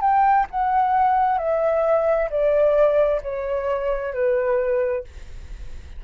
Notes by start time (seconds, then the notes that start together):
0.00 G5
0.50 F#5
1.38 E5
2.30 D5
3.22 C#5
4.13 B4